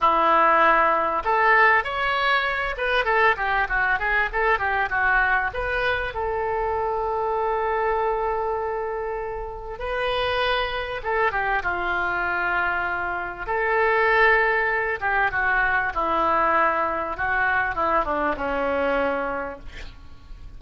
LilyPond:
\new Staff \with { instrumentName = "oboe" } { \time 4/4 \tempo 4 = 98 e'2 a'4 cis''4~ | cis''8 b'8 a'8 g'8 fis'8 gis'8 a'8 g'8 | fis'4 b'4 a'2~ | a'1 |
b'2 a'8 g'8 f'4~ | f'2 a'2~ | a'8 g'8 fis'4 e'2 | fis'4 e'8 d'8 cis'2 | }